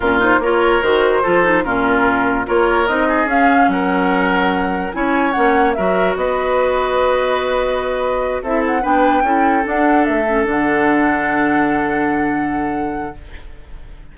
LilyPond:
<<
  \new Staff \with { instrumentName = "flute" } { \time 4/4 \tempo 4 = 146 ais'8 c''8 cis''4 c''2 | ais'2 cis''4 dis''4 | f''4 fis''2. | gis''4 fis''4 e''4 dis''4~ |
dis''1~ | dis''8 e''8 fis''8 g''2 fis''8~ | fis''8 e''4 fis''2~ fis''8~ | fis''1 | }
  \new Staff \with { instrumentName = "oboe" } { \time 4/4 f'4 ais'2 a'4 | f'2 ais'4. gis'8~ | gis'4 ais'2. | cis''2 ais'4 b'4~ |
b'1~ | b'8 a'4 b'4 a'4.~ | a'1~ | a'1 | }
  \new Staff \with { instrumentName = "clarinet" } { \time 4/4 cis'8 dis'8 f'4 fis'4 f'8 dis'8 | cis'2 f'4 dis'4 | cis'1 | e'4 cis'4 fis'2~ |
fis'1~ | fis'8 e'4 d'4 e'4 d'8~ | d'4 cis'8 d'2~ d'8~ | d'1 | }
  \new Staff \with { instrumentName = "bassoon" } { \time 4/4 ais,4 ais4 dis4 f4 | ais,2 ais4 c'4 | cis'4 fis2. | cis'4 ais4 fis4 b4~ |
b1~ | b8 c'4 b4 cis'4 d'8~ | d'8 a4 d2~ d8~ | d1 | }
>>